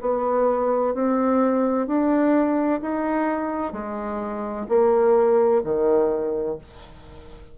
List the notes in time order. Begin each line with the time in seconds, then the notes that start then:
0.00 B3
0.94 C4
1.87 D4
2.81 D#4
3.72 G#3
4.68 A#3
5.64 D#3